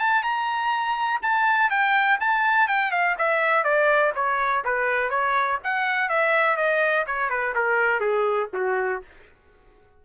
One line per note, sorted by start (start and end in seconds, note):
0.00 0.24 A5
0.24 1.21 A#5
1.23 1.71 A5
1.71 2.20 G5
2.21 2.68 A5
2.68 2.92 G5
2.92 3.16 F5
3.19 3.64 E5
3.64 4.13 D5
4.15 4.64 C#5
4.65 5.10 B4
5.10 5.59 C#5
5.64 6.09 F#5
6.09 6.57 E5
6.57 7.06 D#5
7.07 7.30 C#5
7.30 7.55 B4
7.55 8.01 A#4
8.01 8.50 G#4
8.54 9.03 F#4